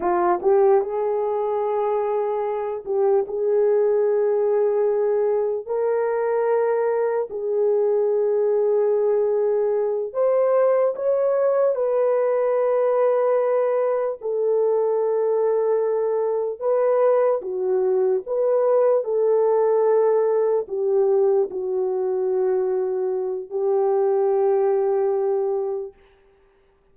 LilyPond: \new Staff \with { instrumentName = "horn" } { \time 4/4 \tempo 4 = 74 f'8 g'8 gis'2~ gis'8 g'8 | gis'2. ais'4~ | ais'4 gis'2.~ | gis'8 c''4 cis''4 b'4.~ |
b'4. a'2~ a'8~ | a'8 b'4 fis'4 b'4 a'8~ | a'4. g'4 fis'4.~ | fis'4 g'2. | }